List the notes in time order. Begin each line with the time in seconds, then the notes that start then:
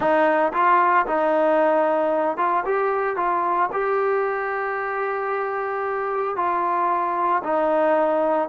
0.00 D#4
0.52 F4
1.06 D#4
2.37 F4
2.65 G4
3.16 F4
3.72 G4
6.36 F4
7.43 D#4